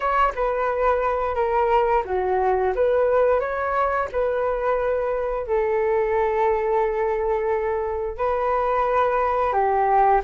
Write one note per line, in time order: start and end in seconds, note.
0.00 0.32 C#5
0.35 1.35 B4
1.35 2.03 A#4
2.05 2.73 F#4
2.75 3.40 B4
3.40 4.08 C#5
4.12 5.47 B4
5.47 8.17 A4
8.17 9.52 B4
9.52 10.21 G4